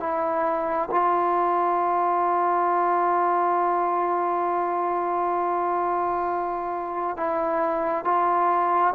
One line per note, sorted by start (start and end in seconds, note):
0.00 0.90 E4
0.91 7.17 F4
7.17 8.05 E4
8.05 8.94 F4